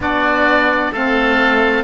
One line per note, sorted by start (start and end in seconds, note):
0.00 0.90 B3
0.00 0.93 D4
0.00 0.92 F#4
0.00 0.93 D5
0.92 1.83 A3
0.92 1.83 C4
0.92 1.83 A4
0.92 1.83 F5